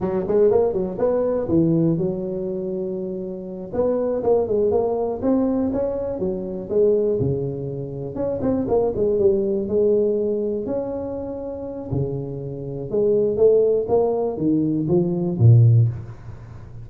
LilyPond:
\new Staff \with { instrumentName = "tuba" } { \time 4/4 \tempo 4 = 121 fis8 gis8 ais8 fis8 b4 e4 | fis2.~ fis8 b8~ | b8 ais8 gis8 ais4 c'4 cis'8~ | cis'8 fis4 gis4 cis4.~ |
cis8 cis'8 c'8 ais8 gis8 g4 gis8~ | gis4. cis'2~ cis'8 | cis2 gis4 a4 | ais4 dis4 f4 ais,4 | }